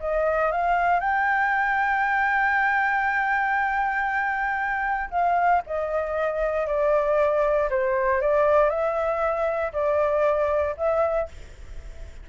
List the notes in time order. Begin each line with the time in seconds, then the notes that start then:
0.00 D#5
0.51 F5
1.00 G5
5.10 F5
5.66 D#5
6.66 D5
7.70 C5
8.21 D5
8.69 E5
9.72 D5
10.77 E5